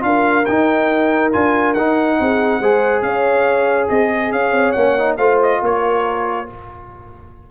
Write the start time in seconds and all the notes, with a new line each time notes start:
0.00 D4 F4 A#4 F5
0.46 D#4 G5
1.32 D4 F4 G#5
1.74 D#4 F#5
2.20 C4 G#4
2.60 G#3 G#4 C5
3.02 C#4 C#5 F5
3.89 C4 G#4 D#5
4.32 C#4 C#5 F5
4.52 C4
4.72 A#3 C#4 F#5
4.98 D#4
5.17 A3 F4 C5 F5
5.43 D#5
5.62 A#3 A#4 C#5